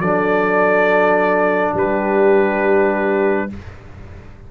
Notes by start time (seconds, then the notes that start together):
0.00 F#3 D4 A4 D5
1.74 G3 G4 B4